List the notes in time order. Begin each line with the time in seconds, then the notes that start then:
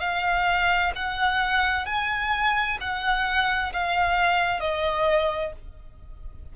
0.00 F5
0.96 F#5
1.86 G#5
2.81 F#5
3.73 F5
4.61 D#5